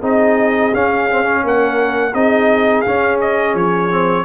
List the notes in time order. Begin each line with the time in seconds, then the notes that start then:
0.00 C4 D#4 G#4 D#5
0.74 C#4 F5
1.11 C4
1.24 C#4
1.44 A#3 A#4 F#5
2.14 C4 D#4 G#4 D#5
2.82 C#4 F5
3.21 D#5
3.54 F3 C#5
3.91 C4